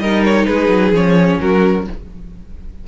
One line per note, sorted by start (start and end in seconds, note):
0.00 0.47 G3
0.00 0.94 D#4
0.00 0.48 A#4
0.00 0.23 D#5
0.25 0.46 C#5
0.46 0.69 G#3
0.46 1.41 G#4
0.46 0.93 B4
0.69 0.92 F#3
0.93 1.39 F3
0.93 1.87 C#4
0.93 1.41 C#5
1.41 1.88 F#3
1.41 1.88 F#4
1.41 1.87 A#4